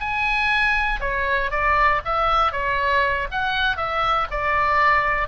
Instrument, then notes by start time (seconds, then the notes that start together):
oboe
0.00 G#5
1.01 C#5
1.51 D5
2.05 E5
2.52 C#5
3.31 F#5
3.77 E5
4.31 D5